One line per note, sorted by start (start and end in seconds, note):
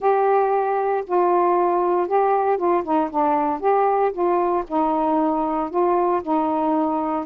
0.00 1.04 G4
1.06 2.07 F4
2.07 2.57 G4
2.57 2.83 F4
2.83 3.09 D#4
3.10 3.60 D4
3.60 4.11 G4
4.12 4.64 F4
4.67 5.70 D#4
5.70 6.21 F4
6.22 7.25 D#4